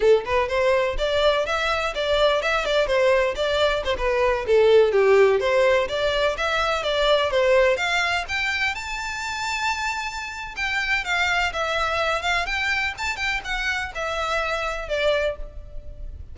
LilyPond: \new Staff \with { instrumentName = "violin" } { \time 4/4 \tempo 4 = 125 a'8 b'8 c''4 d''4 e''4 | d''4 e''8 d''8 c''4 d''4 | c''16 b'4 a'4 g'4 c''8.~ | c''16 d''4 e''4 d''4 c''8.~ |
c''16 f''4 g''4 a''4.~ a''16~ | a''2 g''4 f''4 | e''4. f''8 g''4 a''8 g''8 | fis''4 e''2 d''4 | }